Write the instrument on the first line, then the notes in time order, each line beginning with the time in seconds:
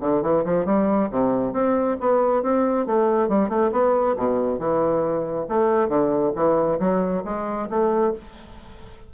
bassoon
0.00 D3
0.22 E3
0.44 F3
0.65 G3
1.10 C3
1.53 C4
2.00 B3
2.42 C4
2.86 A3
3.28 G3
3.49 A3
3.72 B3
4.16 B2
4.59 E3
5.48 A3
5.88 D3
6.35 E3
6.79 F#3
7.24 G#3
7.69 A3